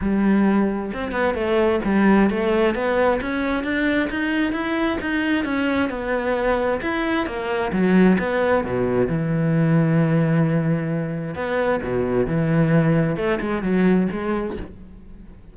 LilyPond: \new Staff \with { instrumentName = "cello" } { \time 4/4 \tempo 4 = 132 g2 c'8 b8 a4 | g4 a4 b4 cis'4 | d'4 dis'4 e'4 dis'4 | cis'4 b2 e'4 |
ais4 fis4 b4 b,4 | e1~ | e4 b4 b,4 e4~ | e4 a8 gis8 fis4 gis4 | }